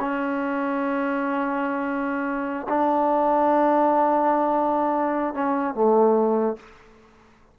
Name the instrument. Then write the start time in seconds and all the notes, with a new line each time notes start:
trombone
0.00 C#4
2.69 D4
5.34 C#4
5.75 A3